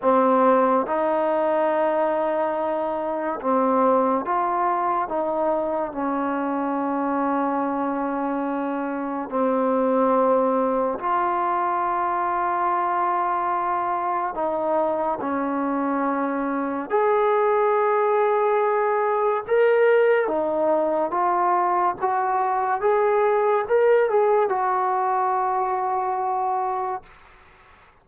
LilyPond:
\new Staff \with { instrumentName = "trombone" } { \time 4/4 \tempo 4 = 71 c'4 dis'2. | c'4 f'4 dis'4 cis'4~ | cis'2. c'4~ | c'4 f'2.~ |
f'4 dis'4 cis'2 | gis'2. ais'4 | dis'4 f'4 fis'4 gis'4 | ais'8 gis'8 fis'2. | }